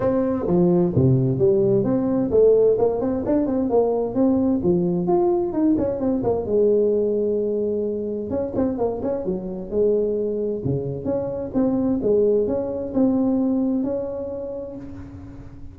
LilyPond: \new Staff \with { instrumentName = "tuba" } { \time 4/4 \tempo 4 = 130 c'4 f4 c4 g4 | c'4 a4 ais8 c'8 d'8 c'8 | ais4 c'4 f4 f'4 | dis'8 cis'8 c'8 ais8 gis2~ |
gis2 cis'8 c'8 ais8 cis'8 | fis4 gis2 cis4 | cis'4 c'4 gis4 cis'4 | c'2 cis'2 | }